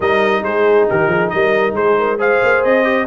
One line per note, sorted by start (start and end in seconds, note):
0.00 0.42 G3
0.00 2.18 D#4
0.00 0.44 A#4
0.00 0.44 D#5
0.42 0.86 G#3
0.42 0.89 G#4
0.42 0.87 C5
0.89 1.07 D#3
0.89 1.08 G4
0.89 1.29 A#4
1.07 1.29 F3
1.07 1.30 G#4
1.29 1.72 G3
1.29 1.76 A#4
1.29 1.73 D#5
1.72 2.37 G#3
1.72 1.98 G#4
1.72 2.19 C5
1.98 2.18 A#4
2.18 2.83 G#4
2.18 3.05 C5
2.18 2.63 F5
2.43 2.64 A#3
2.63 3.07 C4
2.63 3.07 D#5
2.83 3.05 G4